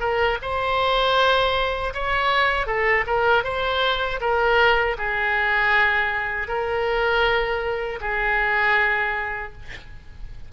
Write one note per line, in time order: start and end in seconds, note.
0.00 0.38 A#4
0.42 1.94 C5
1.94 2.67 C#5
2.67 3.05 A4
3.07 3.44 A#4
3.44 4.20 C5
4.21 4.97 A#4
4.98 6.48 G#4
6.48 8.00 A#4
8.01 9.53 G#4